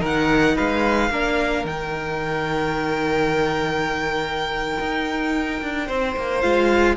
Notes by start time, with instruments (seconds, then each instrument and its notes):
0.00 cello D#3, viola D#4, violin A#4
0.06 violin F#5
0.56 cello G#3, violin B4 F5
1.10 cello A#3, viola D4, violin A#4
1.64 cello D#3, viola D#4, violin G5
4.80 cello D#4
5.62 cello D4
5.86 cello C4, violin C5
6.17 cello A#3
6.41 cello G#3, viola F4, violin F5